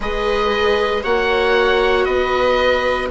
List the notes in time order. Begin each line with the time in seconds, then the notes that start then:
0.00 G#3 G#4 B4 D#5
1.02 A#3 F#4 C#5 F#5
2.05 B3 B4 D#5